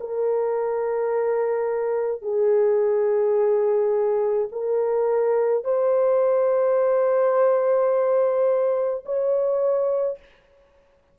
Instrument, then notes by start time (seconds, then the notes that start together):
horn
0.00 A#4
2.22 G#4
4.52 A#4
5.64 C5
9.05 C#5